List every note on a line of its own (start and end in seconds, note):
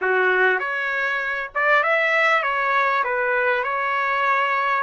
0.01 0.59 F#4
0.59 1.50 C#5
1.55 1.83 D5
1.83 2.42 E5
2.42 3.03 C#5
3.04 3.63 B4
3.63 4.83 C#5